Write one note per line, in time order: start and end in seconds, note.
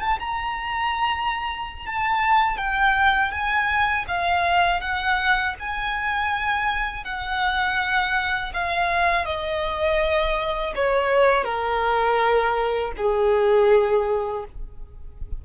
0.00 0.19 A5
0.20 1.86 A#5
1.86 2.57 A5
2.57 3.31 G5
3.31 4.05 G#5
4.08 4.81 F5
4.81 5.55 F#5
5.59 7.04 G#5
7.04 8.53 F#5
8.54 9.25 F5
9.25 10.73 D#5
10.75 11.44 C#5
11.44 12.92 A#4
12.97 14.45 G#4